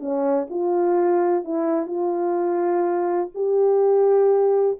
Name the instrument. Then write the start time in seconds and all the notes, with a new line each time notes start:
horn
0.00 C#4
0.50 F4
1.44 E4
1.87 F4
3.35 G4